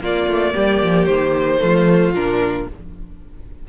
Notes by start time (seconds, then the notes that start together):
0.00 A#3 F4 D5
0.27 A3
0.53 G3 G4
0.82 F3
1.05 D#3 C5
1.58 F3 A3 F4
2.13 A#2 D4 A#4